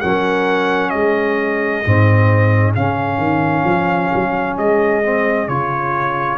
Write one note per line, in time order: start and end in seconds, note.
0.00 0.93 F#3
0.00 1.84 C#4
0.00 0.92 A#4
0.00 0.90 F#5
0.90 1.84 G#3
0.90 6.38 G#4
0.90 2.71 D#5
1.84 2.76 G#2
1.84 2.75 C4
2.75 3.17 C#3
2.75 5.03 C#4
2.75 4.56 F5
3.17 3.63 D#3
3.64 4.09 F3
4.15 4.58 F#3
4.58 5.48 G#3
4.58 5.48 D#5
5.03 5.48 C4
5.48 6.38 C#3
5.48 6.38 F4
5.48 6.38 C#5